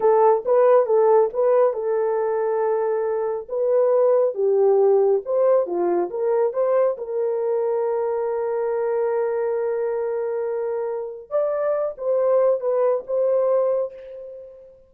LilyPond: \new Staff \with { instrumentName = "horn" } { \time 4/4 \tempo 4 = 138 a'4 b'4 a'4 b'4 | a'1 | b'2 g'2 | c''4 f'4 ais'4 c''4 |
ais'1~ | ais'1~ | ais'2 d''4. c''8~ | c''4 b'4 c''2 | }